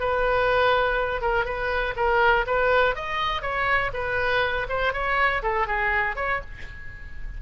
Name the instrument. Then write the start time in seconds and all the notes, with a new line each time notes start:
oboe
0.00 B4
1.22 A#4
1.45 B4
1.96 A#4
2.47 B4
2.96 D#5
3.42 C#5
3.93 B4
4.69 C5
4.93 C#5
5.43 A4
5.67 G#4
6.16 C#5